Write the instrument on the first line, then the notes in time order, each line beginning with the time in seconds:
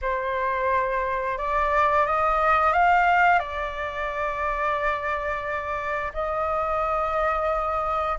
flute
0.01 C5
1.38 D5
2.06 D#5
2.72 F5
3.39 D5
6.13 D#5